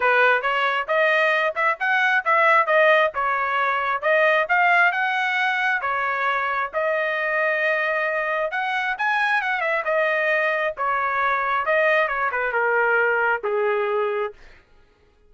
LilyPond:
\new Staff \with { instrumentName = "trumpet" } { \time 4/4 \tempo 4 = 134 b'4 cis''4 dis''4. e''8 | fis''4 e''4 dis''4 cis''4~ | cis''4 dis''4 f''4 fis''4~ | fis''4 cis''2 dis''4~ |
dis''2. fis''4 | gis''4 fis''8 e''8 dis''2 | cis''2 dis''4 cis''8 b'8 | ais'2 gis'2 | }